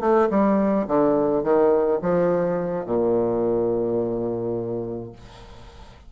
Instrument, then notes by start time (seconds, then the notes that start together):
bassoon
0.00 A3
0.30 G3
0.87 D3
1.43 D#3
2.02 F3
2.86 A#2